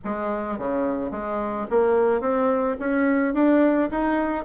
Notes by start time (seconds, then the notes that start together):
0.04 G#3
0.58 C#3
1.11 G#3
1.70 A#3
2.20 C4
2.79 C#4
3.34 D4
3.90 D#4